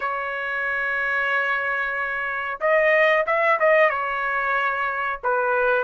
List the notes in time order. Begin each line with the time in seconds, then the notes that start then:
0.00 C#5
2.60 D#5
3.26 E5
3.59 D#5
3.89 C#5
5.23 B4